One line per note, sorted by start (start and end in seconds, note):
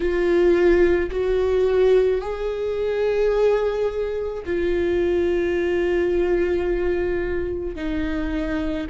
0.00 1.10 F4
1.10 2.21 F#4
2.21 4.43 G#4
4.45 7.75 F4
7.75 8.86 D#4